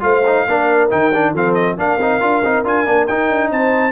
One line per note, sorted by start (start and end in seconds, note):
0.00 0.46 A3
0.00 0.22 F4
0.00 0.47 C5
0.00 0.90 F5
0.26 0.48 D#4
0.48 0.92 A#3
0.48 0.90 D4
0.48 1.32 A#4
0.90 1.34 D#3
0.90 1.12 D#4
0.90 1.34 G5
1.14 1.35 D4
1.32 1.77 F3
1.32 1.77 C4
1.32 1.76 A4
1.32 1.54 F5
1.54 1.76 D#5
1.77 1.97 A#3
1.77 1.99 D4
1.77 3.51 A#4
1.77 2.66 F5
1.97 2.19 C4
1.97 2.21 D#4
2.21 2.43 D4
2.21 2.42 F4
2.43 2.64 C4
2.43 2.65 D#4
2.64 2.86 D4
2.64 2.85 F4
2.64 3.07 G#5
2.85 3.08 A#3
2.85 3.07 D4
3.07 3.29 D#4
3.07 3.91 D#4
3.07 3.50 G5
3.29 3.51 D4
3.51 3.91 C4
3.51 3.91 C5
3.51 3.91 A5